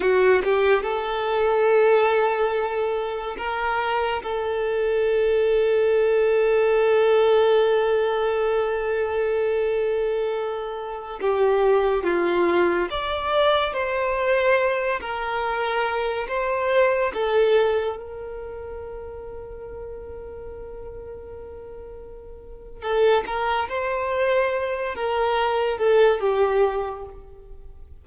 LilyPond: \new Staff \with { instrumentName = "violin" } { \time 4/4 \tempo 4 = 71 fis'8 g'8 a'2. | ais'4 a'2.~ | a'1~ | a'4~ a'16 g'4 f'4 d''8.~ |
d''16 c''4. ais'4. c''8.~ | c''16 a'4 ais'2~ ais'8.~ | ais'2. a'8 ais'8 | c''4. ais'4 a'8 g'4 | }